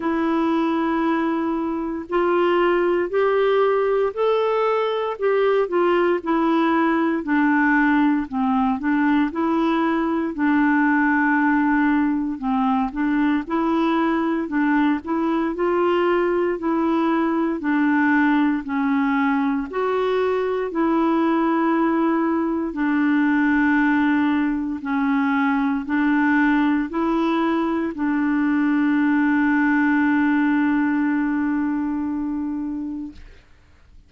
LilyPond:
\new Staff \with { instrumentName = "clarinet" } { \time 4/4 \tempo 4 = 58 e'2 f'4 g'4 | a'4 g'8 f'8 e'4 d'4 | c'8 d'8 e'4 d'2 | c'8 d'8 e'4 d'8 e'8 f'4 |
e'4 d'4 cis'4 fis'4 | e'2 d'2 | cis'4 d'4 e'4 d'4~ | d'1 | }